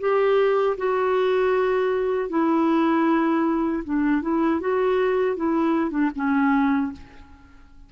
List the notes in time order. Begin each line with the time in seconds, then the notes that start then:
0.00 G4
0.78 F#4
2.30 E4
3.85 D4
4.22 E4
4.60 F#4
5.36 E4
5.91 D4
6.16 C#4